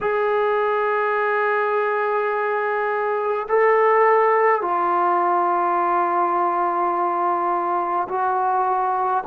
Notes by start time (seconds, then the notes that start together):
0.01 G#4
3.48 A4
4.61 F4
8.08 F#4